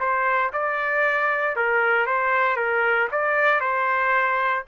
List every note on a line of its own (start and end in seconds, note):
0.00 0.52 C5
0.53 1.57 D5
1.57 2.07 A#4
2.07 2.57 C5
2.57 3.09 A#4
3.12 3.61 D5
3.61 4.64 C5